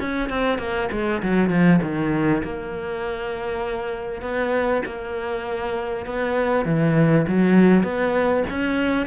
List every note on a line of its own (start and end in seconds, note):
0.00 0.29 C#4
0.29 0.59 C4
0.59 0.89 A#3
0.92 1.22 G#3
1.23 1.50 F#3
1.50 1.80 F3
1.82 2.43 D#3
2.44 4.22 A#3
4.22 4.82 B3
4.86 6.06 A#3
6.06 6.65 B3
6.65 7.26 E3
7.28 7.83 F#3
7.83 8.44 B3
8.50 9.07 C#4